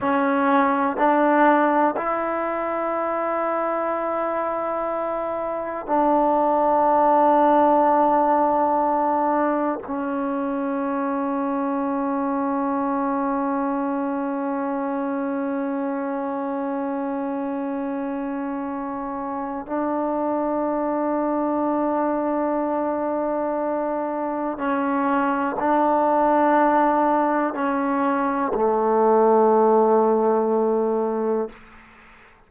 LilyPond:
\new Staff \with { instrumentName = "trombone" } { \time 4/4 \tempo 4 = 61 cis'4 d'4 e'2~ | e'2 d'2~ | d'2 cis'2~ | cis'1~ |
cis'1 | d'1~ | d'4 cis'4 d'2 | cis'4 a2. | }